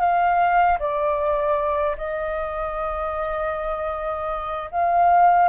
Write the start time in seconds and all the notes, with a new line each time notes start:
0.00 F5
0.79 D5
1.97 D#5
4.71 F5